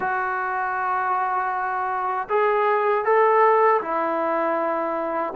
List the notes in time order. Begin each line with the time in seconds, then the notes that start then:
0.00 F#4
2.29 G#4
3.04 A4
3.81 E4